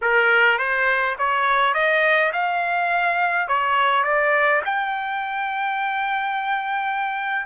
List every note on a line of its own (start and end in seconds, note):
0.01 0.58 A#4
0.58 1.15 C5
1.18 1.74 C#5
1.74 2.32 D#5
2.32 3.48 F5
3.48 4.03 C#5
4.03 4.61 D5
4.65 7.46 G5